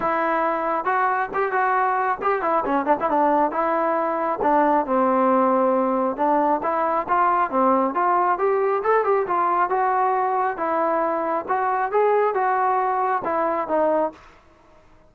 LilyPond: \new Staff \with { instrumentName = "trombone" } { \time 4/4 \tempo 4 = 136 e'2 fis'4 g'8 fis'8~ | fis'4 g'8 e'8 cis'8 d'16 e'16 d'4 | e'2 d'4 c'4~ | c'2 d'4 e'4 |
f'4 c'4 f'4 g'4 | a'8 g'8 f'4 fis'2 | e'2 fis'4 gis'4 | fis'2 e'4 dis'4 | }